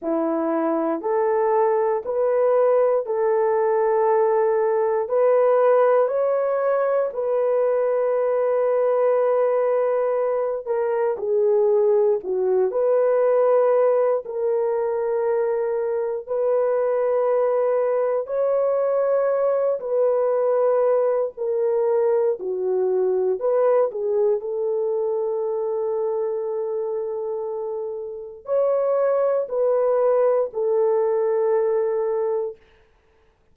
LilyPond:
\new Staff \with { instrumentName = "horn" } { \time 4/4 \tempo 4 = 59 e'4 a'4 b'4 a'4~ | a'4 b'4 cis''4 b'4~ | b'2~ b'8 ais'8 gis'4 | fis'8 b'4. ais'2 |
b'2 cis''4. b'8~ | b'4 ais'4 fis'4 b'8 gis'8 | a'1 | cis''4 b'4 a'2 | }